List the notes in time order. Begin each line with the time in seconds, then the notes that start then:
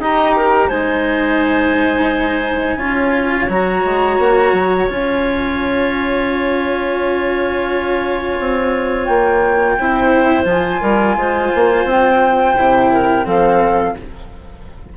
0.00 D#4 G4 D#5 A#5
0.36 A#4
0.68 G#3 D#4 C5 G#5
2.77 C#4 F4 C#5
3.49 F#3 F#4 A#5
3.85 G#3
4.19 A#3
4.53 F#3
4.87 C#4 F4 G#5
8.40 C4
9.05 A#3 G5
9.80 C4 E4 C5
10.45 F3 F4 G#5
10.81 G3 A#4
11.17 G#3 C5
11.55 A#3
11.85 C4 G5
12.58 C3 E4
12.93 A#4
13.25 F3 C4 A4 F5